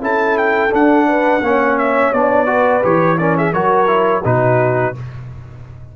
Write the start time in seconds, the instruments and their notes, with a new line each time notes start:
0.00 tuba C#4, trombone E4, horn A4, trumpet A5
0.37 trumpet G5
0.70 trombone D4, tuba D4, trumpet F#5
1.08 horn B4
1.41 tuba A#3, trombone C#4, horn C#5
1.78 trumpet E5
2.12 tuba B3, trombone D4, trumpet D5
2.46 trombone F#4, horn B4
2.82 tuba E3, trombone G4, trumpet C#5
3.18 trombone C#4, horn A#4, trumpet D5
3.37 horn G#4, trumpet E5
3.53 tuba F#3, trombone F#4, horn A#4, trumpet C#5
3.86 trombone E4
4.24 tuba B2, trombone D#4, horn F#4, trumpet B4